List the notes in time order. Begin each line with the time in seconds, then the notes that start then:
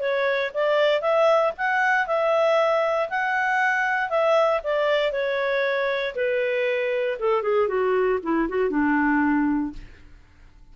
0.00 C#5
0.54 D5
1.01 E5
1.57 F#5
2.07 E5
3.09 F#5
4.10 E5
4.64 D5
5.12 C#5
6.15 B4
7.19 A4
7.42 G#4
7.68 F#4
8.23 E4
8.48 F#4
8.70 D4